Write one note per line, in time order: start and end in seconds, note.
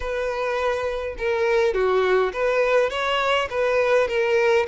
0.00 1.15 B4
1.18 1.74 A#4
1.74 2.32 F#4
2.32 2.90 B4
2.90 3.48 C#5
3.50 4.08 B4
4.08 4.66 A#4